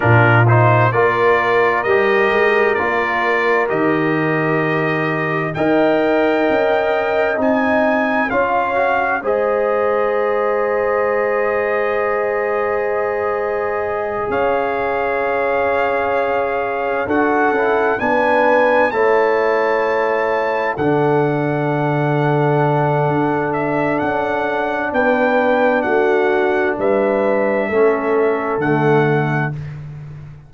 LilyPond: <<
  \new Staff \with { instrumentName = "trumpet" } { \time 4/4 \tempo 4 = 65 ais'8 c''8 d''4 dis''4 d''4 | dis''2 g''2 | gis''4 f''4 dis''2~ | dis''2.~ dis''8 f''8~ |
f''2~ f''8 fis''4 gis''8~ | gis''8 a''2 fis''4.~ | fis''4. e''8 fis''4 g''4 | fis''4 e''2 fis''4 | }
  \new Staff \with { instrumentName = "horn" } { \time 4/4 f'4 ais'2.~ | ais'2 dis''2~ | dis''4 cis''4 c''2~ | c''2.~ c''8 cis''8~ |
cis''2~ cis''8 a'4 b'8~ | b'8 cis''2 a'4.~ | a'2. b'4 | fis'4 b'4 a'2 | }
  \new Staff \with { instrumentName = "trombone" } { \time 4/4 d'8 dis'8 f'4 g'4 f'4 | g'2 ais'2 | dis'4 f'8 fis'8 gis'2~ | gis'1~ |
gis'2~ gis'8 fis'8 e'8 d'8~ | d'8 e'2 d'4.~ | d'1~ | d'2 cis'4 a4 | }
  \new Staff \with { instrumentName = "tuba" } { \time 4/4 ais,4 ais4 g8 gis8 ais4 | dis2 dis'4 cis'4 | c'4 cis'4 gis2~ | gis2.~ gis8 cis'8~ |
cis'2~ cis'8 d'8 cis'8 b8~ | b8 a2 d4.~ | d4 d'4 cis'4 b4 | a4 g4 a4 d4 | }
>>